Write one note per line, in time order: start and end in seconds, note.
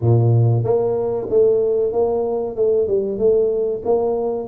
0.01 0.64 A#2
0.64 1.27 A#3
1.29 1.92 A3
1.92 2.56 A#3
2.56 2.87 A3
2.87 3.18 G3
3.18 3.82 A3
3.85 4.47 A#3